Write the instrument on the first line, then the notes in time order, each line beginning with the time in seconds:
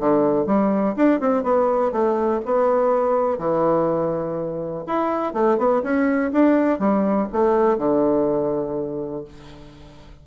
bassoon
0.00 D3
0.46 G3
0.96 D4
1.20 C4
1.43 B3
1.92 A3
2.45 B3
3.39 E3
4.87 E4
5.33 A3
5.58 B3
5.83 C#4
6.33 D4
6.79 G3
7.32 A3
7.78 D3